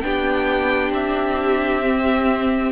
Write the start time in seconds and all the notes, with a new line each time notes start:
0.00 B3 D4 G4 G5
0.91 C4 E5
1.82 C4